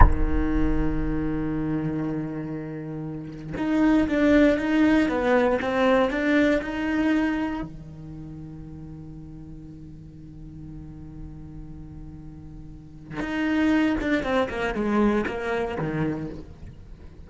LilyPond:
\new Staff \with { instrumentName = "cello" } { \time 4/4 \tempo 4 = 118 dis1~ | dis2. dis'4 | d'4 dis'4 b4 c'4 | d'4 dis'2 dis4~ |
dis1~ | dis1~ | dis2 dis'4. d'8 | c'8 ais8 gis4 ais4 dis4 | }